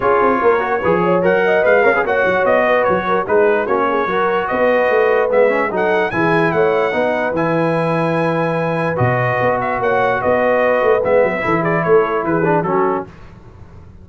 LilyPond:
<<
  \new Staff \with { instrumentName = "trumpet" } { \time 4/4 \tempo 4 = 147 cis''2. fis''4 | f''4 fis''4 dis''4 cis''4 | b'4 cis''2 dis''4~ | dis''4 e''4 fis''4 gis''4 |
fis''2 gis''2~ | gis''2 dis''4. e''8 | fis''4 dis''2 e''4~ | e''8 d''8 cis''4 b'4 a'4 | }
  \new Staff \with { instrumentName = "horn" } { \time 4/4 gis'4 ais'4 b'8 cis''4 dis''8~ | dis''8 cis''16 b'16 cis''4. b'4 ais'8 | gis'4 fis'8 gis'8 ais'4 b'4~ | b'2 a'4 gis'4 |
cis''4 b'2.~ | b'1 | cis''4 b'2. | a'8 gis'8 a'4 gis'4 fis'4 | }
  \new Staff \with { instrumentName = "trombone" } { \time 4/4 f'4. fis'8 gis'4 ais'4 | b'8 ais'16 gis'16 fis'2. | dis'4 cis'4 fis'2~ | fis'4 b8 cis'8 dis'4 e'4~ |
e'4 dis'4 e'2~ | e'2 fis'2~ | fis'2. b4 | e'2~ e'8 d'8 cis'4 | }
  \new Staff \with { instrumentName = "tuba" } { \time 4/4 cis'8 c'8 ais4 f4 fis4 | gis8 cis'8 ais8 fis8 b4 fis4 | gis4 ais4 fis4 b4 | a4 gis4 fis4 e4 |
a4 b4 e2~ | e2 b,4 b4 | ais4 b4. a8 gis8 fis8 | e4 a4 e4 fis4 | }
>>